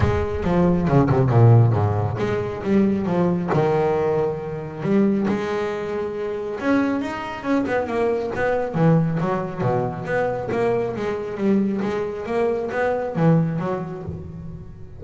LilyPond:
\new Staff \with { instrumentName = "double bass" } { \time 4/4 \tempo 4 = 137 gis4 f4 cis8 c8 ais,4 | gis,4 gis4 g4 f4 | dis2. g4 | gis2. cis'4 |
dis'4 cis'8 b8 ais4 b4 | e4 fis4 b,4 b4 | ais4 gis4 g4 gis4 | ais4 b4 e4 fis4 | }